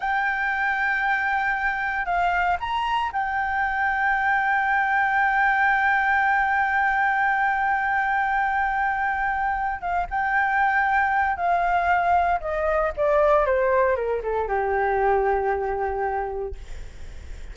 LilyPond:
\new Staff \with { instrumentName = "flute" } { \time 4/4 \tempo 4 = 116 g''1 | f''4 ais''4 g''2~ | g''1~ | g''1~ |
g''2. f''8 g''8~ | g''2 f''2 | dis''4 d''4 c''4 ais'8 a'8 | g'1 | }